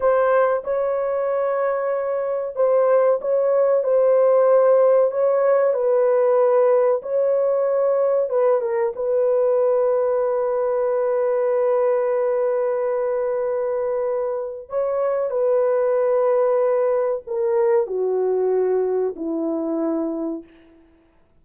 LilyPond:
\new Staff \with { instrumentName = "horn" } { \time 4/4 \tempo 4 = 94 c''4 cis''2. | c''4 cis''4 c''2 | cis''4 b'2 cis''4~ | cis''4 b'8 ais'8 b'2~ |
b'1~ | b'2. cis''4 | b'2. ais'4 | fis'2 e'2 | }